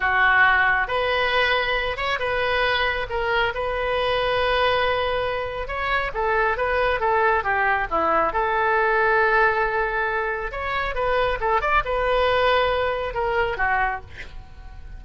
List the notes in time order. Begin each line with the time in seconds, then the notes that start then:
0.00 F#4
0.87 B4
1.96 C#5
2.19 B4
3.09 A#4
3.54 B4
5.67 C#5
6.14 A4
6.57 B4
7.00 A4
7.43 G4
7.90 E4
8.32 A4
10.51 C#5
10.94 B4
11.40 A4
11.61 D5
11.85 B4
13.14 A#4
13.57 F#4